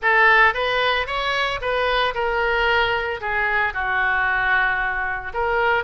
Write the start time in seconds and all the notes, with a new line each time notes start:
0.02 A4
0.54 B4
1.06 C#5
1.61 B4
2.14 A#4
3.20 G#4
3.73 F#4
5.33 A#4